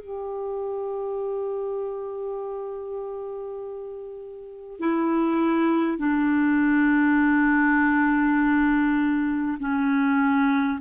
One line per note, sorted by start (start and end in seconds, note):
0.00 4.79 G4
4.79 5.98 E4
5.98 9.58 D4
9.59 10.79 C#4